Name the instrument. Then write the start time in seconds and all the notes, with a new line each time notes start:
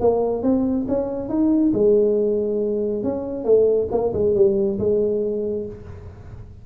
tuba
0.00 A#3
0.42 C4
0.88 C#4
1.28 D#4
1.73 G#3
3.03 C#4
3.44 A3
3.91 A#3
4.13 G#3
4.35 G3
4.79 G#3